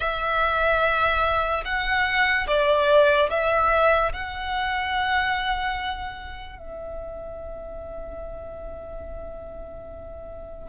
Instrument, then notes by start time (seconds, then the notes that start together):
violin
0.00 E5
1.64 F#5
2.47 D5
3.30 E5
4.12 F#5
6.58 E5